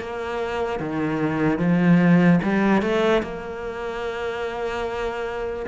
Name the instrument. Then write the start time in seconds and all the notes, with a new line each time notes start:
cello
0.00 A#3
0.80 D#3
1.58 F3
2.43 G3
2.82 A3
3.22 A#3